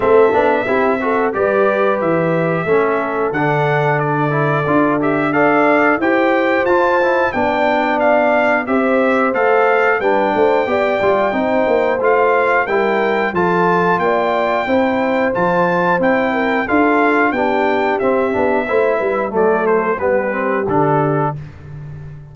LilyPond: <<
  \new Staff \with { instrumentName = "trumpet" } { \time 4/4 \tempo 4 = 90 e''2 d''4 e''4~ | e''4 fis''4 d''4. e''8 | f''4 g''4 a''4 g''4 | f''4 e''4 f''4 g''4~ |
g''2 f''4 g''4 | a''4 g''2 a''4 | g''4 f''4 g''4 e''4~ | e''4 d''8 c''8 b'4 a'4 | }
  \new Staff \with { instrumentName = "horn" } { \time 4/4 a'4 g'8 a'8 b'2 | a'1 | d''4 c''2 d''4~ | d''4 c''2 b'8 c''8 |
d''4 c''2 ais'4 | a'4 d''4 c''2~ | c''8 ais'8 a'4 g'2 | c''8 b'8 a'4 g'2 | }
  \new Staff \with { instrumentName = "trombone" } { \time 4/4 c'8 d'8 e'8 fis'8 g'2 | cis'4 d'4. e'8 f'8 g'8 | a'4 g'4 f'8 e'8 d'4~ | d'4 g'4 a'4 d'4 |
g'8 f'8 dis'4 f'4 e'4 | f'2 e'4 f'4 | e'4 f'4 d'4 c'8 d'8 | e'4 a4 b8 c'8 d'4 | }
  \new Staff \with { instrumentName = "tuba" } { \time 4/4 a8 b8 c'4 g4 e4 | a4 d2 d'4~ | d'4 e'4 f'4 b4~ | b4 c'4 a4 g8 a8 |
b8 g8 c'8 ais8 a4 g4 | f4 ais4 c'4 f4 | c'4 d'4 b4 c'8 b8 | a8 g8 fis4 g4 d4 | }
>>